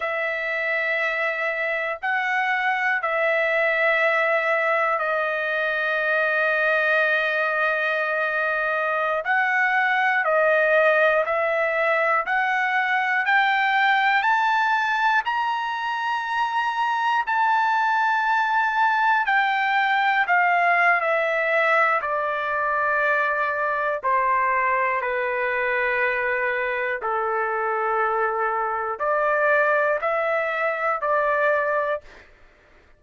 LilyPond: \new Staff \with { instrumentName = "trumpet" } { \time 4/4 \tempo 4 = 60 e''2 fis''4 e''4~ | e''4 dis''2.~ | dis''4~ dis''16 fis''4 dis''4 e''8.~ | e''16 fis''4 g''4 a''4 ais''8.~ |
ais''4~ ais''16 a''2 g''8.~ | g''16 f''8. e''4 d''2 | c''4 b'2 a'4~ | a'4 d''4 e''4 d''4 | }